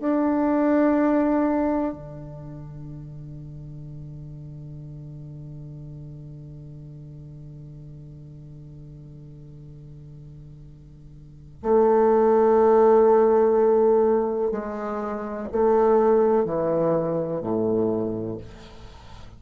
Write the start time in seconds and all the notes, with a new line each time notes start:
0.00 D4
1.93 D3
11.62 A3
14.51 G#3
15.52 A3
16.45 E3
17.41 A2